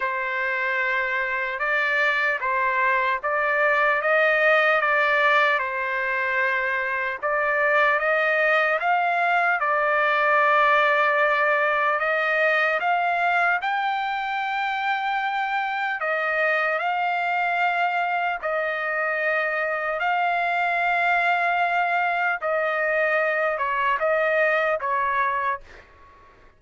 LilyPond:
\new Staff \with { instrumentName = "trumpet" } { \time 4/4 \tempo 4 = 75 c''2 d''4 c''4 | d''4 dis''4 d''4 c''4~ | c''4 d''4 dis''4 f''4 | d''2. dis''4 |
f''4 g''2. | dis''4 f''2 dis''4~ | dis''4 f''2. | dis''4. cis''8 dis''4 cis''4 | }